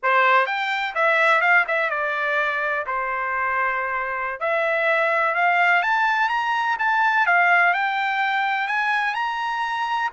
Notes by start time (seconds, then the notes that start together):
0.03 C5
0.46 G5
0.95 E5
1.41 F5
1.67 E5
1.90 D5
2.86 C5
4.39 E5
5.34 F5
5.82 A5
6.29 A#5
6.79 A5
7.26 F5
7.73 G5
8.67 G#5
9.14 A#5